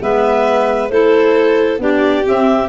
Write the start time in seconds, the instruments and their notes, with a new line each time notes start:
0.00 tuba G#3, clarinet B3 E5, violin B4
0.89 tuba A3, clarinet E4 C5, violin A4
1.79 tuba B3, clarinet D4 D5, violin G4
2.24 clarinet C4 E5, tuba C4